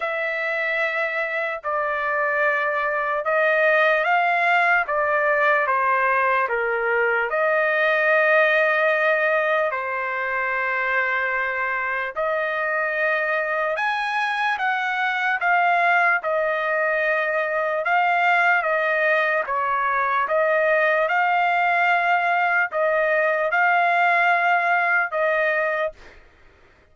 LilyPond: \new Staff \with { instrumentName = "trumpet" } { \time 4/4 \tempo 4 = 74 e''2 d''2 | dis''4 f''4 d''4 c''4 | ais'4 dis''2. | c''2. dis''4~ |
dis''4 gis''4 fis''4 f''4 | dis''2 f''4 dis''4 | cis''4 dis''4 f''2 | dis''4 f''2 dis''4 | }